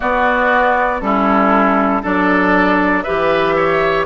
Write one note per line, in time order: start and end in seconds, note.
0.00 1.01 B3
0.00 1.00 F#4
0.00 1.00 D5
1.00 2.02 G3
1.00 2.02 C#4
1.00 2.02 E4
1.00 2.02 A4
2.02 3.06 F#3
2.02 3.04 D4
2.02 3.03 A4
2.02 3.02 D5
3.02 4.06 G4
3.02 3.54 B4
3.02 4.04 E5
3.08 4.06 E3
3.56 4.06 C#5